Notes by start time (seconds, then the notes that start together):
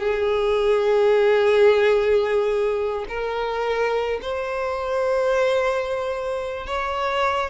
0.00 G#4
3.09 A#4
4.22 C5
6.67 C#5